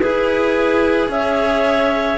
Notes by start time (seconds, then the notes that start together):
0.00 E4 G#4 B4
1.08 C#4 C#5 E5